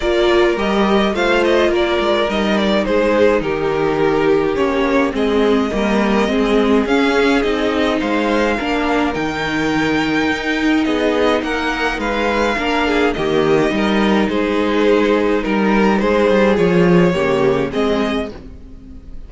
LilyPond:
<<
  \new Staff \with { instrumentName = "violin" } { \time 4/4 \tempo 4 = 105 d''4 dis''4 f''8 dis''8 d''4 | dis''8 d''8 c''4 ais'2 | cis''4 dis''2. | f''4 dis''4 f''2 |
g''2. dis''4 | fis''4 f''2 dis''4~ | dis''4 c''2 ais'4 | c''4 cis''2 dis''4 | }
  \new Staff \with { instrumentName = "violin" } { \time 4/4 ais'2 c''4 ais'4~ | ais'4 gis'4 g'2~ | g'4 gis'4 ais'4 gis'4~ | gis'2 c''4 ais'4~ |
ais'2. gis'4 | ais'4 b'4 ais'8 gis'8 g'4 | ais'4 gis'2 ais'4 | gis'2 g'4 gis'4 | }
  \new Staff \with { instrumentName = "viola" } { \time 4/4 f'4 g'4 f'2 | dis'1 | cis'4 c'4 ais4 c'4 | cis'4 dis'2 d'4 |
dis'1~ | dis'2 d'4 ais4 | dis'1~ | dis'4 f'4 ais4 c'4 | }
  \new Staff \with { instrumentName = "cello" } { \time 4/4 ais4 g4 a4 ais8 gis8 | g4 gis4 dis2 | ais4 gis4 g4 gis4 | cis'4 c'4 gis4 ais4 |
dis2 dis'4 b4 | ais4 gis4 ais4 dis4 | g4 gis2 g4 | gis8 g8 f4 cis4 gis4 | }
>>